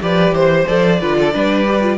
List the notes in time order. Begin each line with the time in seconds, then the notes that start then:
0.00 F3 G4 B4 D5
0.31 E3 C5
0.66 F3 A4 D5
1.00 D3 F4 B4
1.19 A4
1.32 G3 D4 B4
1.67 G4
1.81 F4